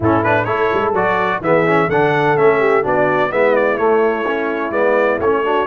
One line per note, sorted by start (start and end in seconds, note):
0.00 0.46 A2
0.00 0.24 C#4
0.00 0.44 E4
0.00 0.23 A4
0.23 0.46 D4
0.23 0.44 B4
0.44 0.70 A3
0.44 0.93 E4
0.44 1.38 A4
0.44 0.91 C#5
0.73 0.92 G#3
0.92 1.40 F#3
0.92 1.42 F#4
0.92 1.42 D5
1.41 1.88 E3
1.41 1.66 B3
1.41 1.88 G#4
1.41 1.90 E5
1.66 1.90 C#4
1.88 2.36 D3
1.88 2.37 D4
1.88 2.59 A4
1.88 2.37 F#5
2.37 2.85 A3
2.37 2.83 C#4
2.37 2.84 E5
2.59 2.82 G4
2.82 3.31 B3
2.82 3.30 D4
2.82 3.29 F#4
2.82 3.32 D5
3.31 3.78 G#3
3.31 3.77 B3
3.31 5.43 E4
3.31 3.55 E5
3.55 3.77 D5
3.77 4.24 A3
3.77 4.71 A3
3.77 4.71 C#5
4.26 4.72 C#4
4.71 5.18 G#3
4.71 5.19 B3
4.71 5.19 D5
5.19 5.66 A3
5.19 5.44 C#4
5.19 5.67 C#5
5.44 5.67 D4
5.44 5.67 F#4